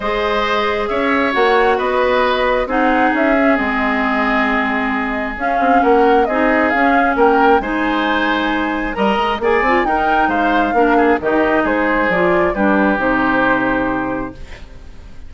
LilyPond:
<<
  \new Staff \with { instrumentName = "flute" } { \time 4/4 \tempo 4 = 134 dis''2 e''4 fis''4 | dis''2 fis''4 e''4 | dis''1 | f''4 fis''4 dis''4 f''4 |
g''4 gis''2. | ais''4 gis''4 g''4 f''4~ | f''4 dis''4 c''4 d''4 | b'4 c''2. | }
  \new Staff \with { instrumentName = "oboe" } { \time 4/4 c''2 cis''2 | b'2 gis'2~ | gis'1~ | gis'4 ais'4 gis'2 |
ais'4 c''2. | dis''4 d''4 ais'4 c''4 | ais'8 gis'8 g'4 gis'2 | g'1 | }
  \new Staff \with { instrumentName = "clarinet" } { \time 4/4 gis'2. fis'4~ | fis'2 dis'4. cis'8 | c'1 | cis'2 dis'4 cis'4~ |
cis'4 dis'2. | ais'4 gis'8 f'8 dis'2 | d'4 dis'2 f'4 | d'4 dis'2. | }
  \new Staff \with { instrumentName = "bassoon" } { \time 4/4 gis2 cis'4 ais4 | b2 c'4 cis'4 | gis1 | cis'8 c'8 ais4 c'4 cis'4 |
ais4 gis2. | g8 gis8 ais8 c'8 dis'4 gis4 | ais4 dis4 gis4 f4 | g4 c2. | }
>>